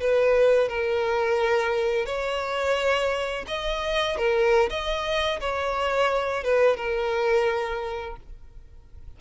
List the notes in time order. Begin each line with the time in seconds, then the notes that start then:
0.00 B4
0.68 A#4
2.05 C#5
3.47 D#5
4.17 A#4
4.70 D#5
5.40 C#5
6.43 B4
6.76 A#4